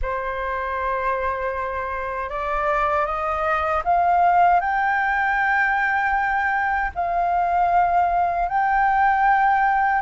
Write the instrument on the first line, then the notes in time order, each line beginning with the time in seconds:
flute
0.01 C5
2.29 D5
3.06 D#5
3.84 F5
4.60 G5
6.94 F5
8.48 G5